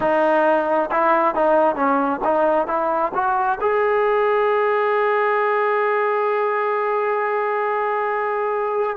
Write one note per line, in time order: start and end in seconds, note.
0.00 0.90 D#4
0.91 1.34 E4
1.34 1.75 D#4
1.75 2.20 C#4
2.24 2.67 D#4
2.67 3.12 E4
3.14 3.59 F#4
3.61 8.97 G#4